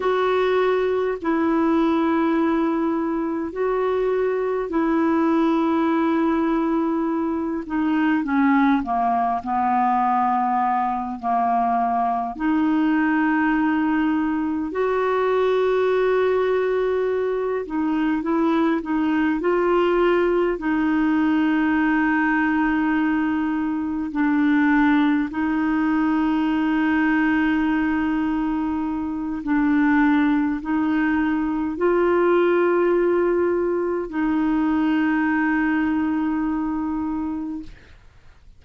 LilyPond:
\new Staff \with { instrumentName = "clarinet" } { \time 4/4 \tempo 4 = 51 fis'4 e'2 fis'4 | e'2~ e'8 dis'8 cis'8 ais8 | b4. ais4 dis'4.~ | dis'8 fis'2~ fis'8 dis'8 e'8 |
dis'8 f'4 dis'2~ dis'8~ | dis'8 d'4 dis'2~ dis'8~ | dis'4 d'4 dis'4 f'4~ | f'4 dis'2. | }